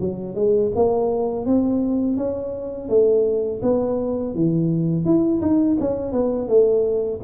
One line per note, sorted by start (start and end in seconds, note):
0.00 0.35 F#3
0.35 0.72 G#3
0.76 1.46 A#3
1.46 2.17 C4
2.17 2.89 C#4
2.89 3.61 A3
3.62 4.35 B3
4.35 5.05 E3
5.05 5.42 E4
5.42 5.78 D#4
5.81 6.12 C#4
6.12 6.48 B3
6.48 7.21 A3